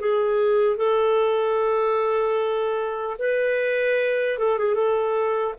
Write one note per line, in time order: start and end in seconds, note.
0.00 0.77 G#4
0.77 3.17 A4
3.19 4.39 B4
4.39 4.59 A4
4.59 4.75 G#4
4.75 5.55 A4